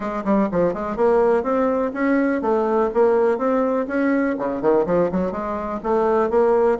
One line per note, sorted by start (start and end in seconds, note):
0.00 0.23 G#3
0.24 0.48 G3
0.51 0.73 F3
0.73 0.96 G#3
0.96 1.43 A#3
1.43 1.91 C4
1.93 2.41 C#4
2.41 2.89 A3
2.94 3.38 A#3
3.38 3.86 C4
3.87 4.36 C#4
4.38 4.61 C#3
4.61 4.85 D#3
4.86 5.10 F3
5.11 5.31 F#3
5.31 5.80 G#3
5.83 6.30 A3
6.30 6.78 A#3